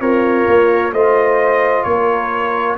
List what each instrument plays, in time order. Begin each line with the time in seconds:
0.00 tuba C4, horn F4, trombone A#4, trumpet C#5
0.48 tuba A#3
0.92 tuba A3, trombone F4, horn C5, trumpet D#5
1.84 tuba A#3, horn A#4, trumpet C#5